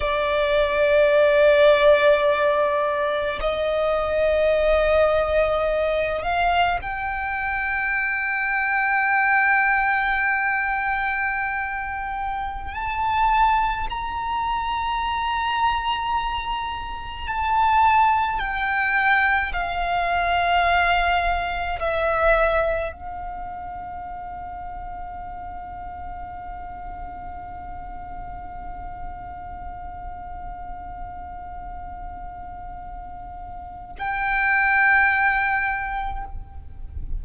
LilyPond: \new Staff \with { instrumentName = "violin" } { \time 4/4 \tempo 4 = 53 d''2. dis''4~ | dis''4. f''8 g''2~ | g''2.~ g''16 a''8.~ | a''16 ais''2. a''8.~ |
a''16 g''4 f''2 e''8.~ | e''16 f''2.~ f''8.~ | f''1~ | f''2 g''2 | }